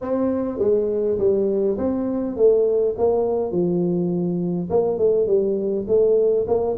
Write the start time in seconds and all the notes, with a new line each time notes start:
0.01 C4
0.59 G#3
1.18 G3
1.77 C4
2.36 A3
2.98 A#3
3.51 F3
4.70 A#3
4.98 A3
5.26 G3
5.87 A3
6.47 A#3